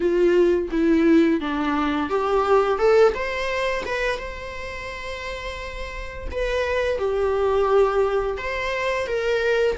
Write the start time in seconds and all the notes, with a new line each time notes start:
0.00 F4
0.71 E4
1.40 D4
2.09 G4
2.78 A4
3.14 C5
3.85 B4
4.18 C5
6.31 B4
6.98 G4
8.37 C5
9.06 A#4